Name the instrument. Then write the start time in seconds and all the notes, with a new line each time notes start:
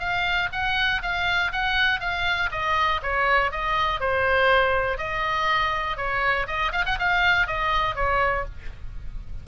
oboe
0.00 F5
0.53 F#5
1.03 F5
1.53 F#5
2.01 F5
2.52 D#5
3.03 C#5
3.52 D#5
4.01 C5
4.98 D#5
5.97 C#5
6.48 D#5
6.73 F5
6.86 F#5
7.00 F5
7.47 D#5
7.96 C#5